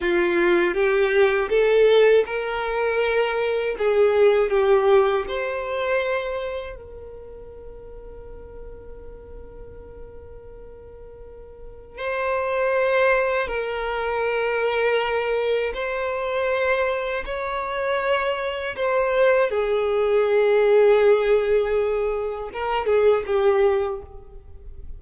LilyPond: \new Staff \with { instrumentName = "violin" } { \time 4/4 \tempo 4 = 80 f'4 g'4 a'4 ais'4~ | ais'4 gis'4 g'4 c''4~ | c''4 ais'2.~ | ais'1 |
c''2 ais'2~ | ais'4 c''2 cis''4~ | cis''4 c''4 gis'2~ | gis'2 ais'8 gis'8 g'4 | }